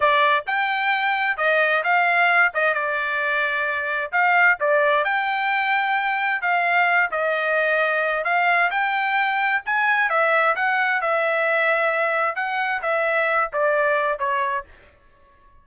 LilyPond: \new Staff \with { instrumentName = "trumpet" } { \time 4/4 \tempo 4 = 131 d''4 g''2 dis''4 | f''4. dis''8 d''2~ | d''4 f''4 d''4 g''4~ | g''2 f''4. dis''8~ |
dis''2 f''4 g''4~ | g''4 gis''4 e''4 fis''4 | e''2. fis''4 | e''4. d''4. cis''4 | }